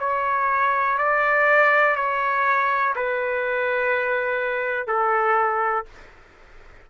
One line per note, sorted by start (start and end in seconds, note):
0.00 0.98 C#5
0.98 1.96 D5
1.96 2.95 C#5
2.96 4.87 B4
4.87 5.86 A4